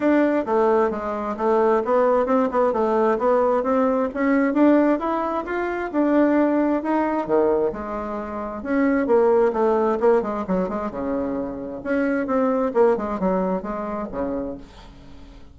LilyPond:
\new Staff \with { instrumentName = "bassoon" } { \time 4/4 \tempo 4 = 132 d'4 a4 gis4 a4 | b4 c'8 b8 a4 b4 | c'4 cis'4 d'4 e'4 | f'4 d'2 dis'4 |
dis4 gis2 cis'4 | ais4 a4 ais8 gis8 fis8 gis8 | cis2 cis'4 c'4 | ais8 gis8 fis4 gis4 cis4 | }